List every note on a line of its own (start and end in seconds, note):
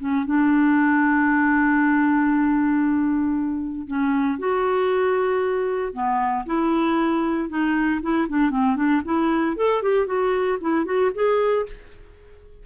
0.00 0.26 C#4
0.26 3.88 D4
3.88 4.39 C#4
4.39 5.94 F#4
5.94 6.45 B3
6.47 7.50 E4
7.50 8.01 D#4
8.02 8.28 E4
8.29 8.51 D4
8.51 8.76 C4
8.76 9.02 D4
9.05 9.57 E4
9.57 9.83 A4
9.83 10.07 G4
10.07 10.59 F#4
10.61 10.86 E4
10.86 11.11 F#4
11.15 11.67 G#4